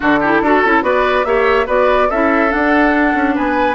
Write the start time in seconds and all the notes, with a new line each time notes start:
0.00 D3 D4 F#4 A4
0.20 E4 G4
0.41 D4 F#4 A4
0.64 C#4 E4
0.82 B3 F#4 B4 D5
1.24 A#3 G4 C#5 E5
1.66 B3 F#4 B4 D5
2.09 C#4 E4 A4 E5
2.49 D4 F#5
3.14 C#4
3.34 B3 B4 G#5